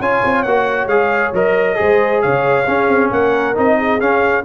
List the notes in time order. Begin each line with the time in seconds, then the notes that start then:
0.00 C#4 F4 C#5 G#5
0.25 C4
0.43 A#3 F#4 F#5
0.87 G#3 G#4 F5
1.34 F#3 A#4 D#5
1.76 G#3 G#4 C5
2.22 C#3 C#5 F5
2.67 C#4 G#4
2.89 C4
3.11 A#3 A#4 F#5
3.55 C4 D#4 D#5
3.78 G#4
4.00 C#4 F5